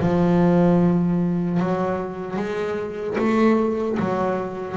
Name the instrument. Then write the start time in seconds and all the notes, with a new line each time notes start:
double bass
0.00 F3
1.60 F#3
2.37 G#3
3.18 A3
4.00 F#3